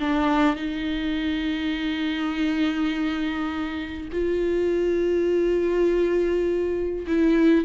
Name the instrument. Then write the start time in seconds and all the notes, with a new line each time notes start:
viola
0.00 D4
0.56 D#4
4.12 F4
7.07 E4